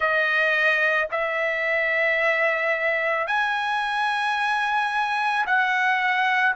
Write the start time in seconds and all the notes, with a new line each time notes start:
0.00 D#5
1.11 E5
3.27 G#5
5.46 F#5